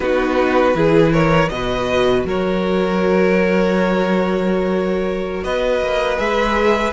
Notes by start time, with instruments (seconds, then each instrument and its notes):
0.00 cello B3, viola D#4, violin F#4 B4
0.74 cello E3, viola E4, violin G#4
1.12 violin A#4 C#5
1.48 cello B2, viola F#4, violin D#5
1.55 violin B4
2.24 cello F#3, violin A#4 C#5
5.43 cello B3, violin B4 D#5
5.80 cello A#3
6.17 cello G#3, viola G#4, violin E5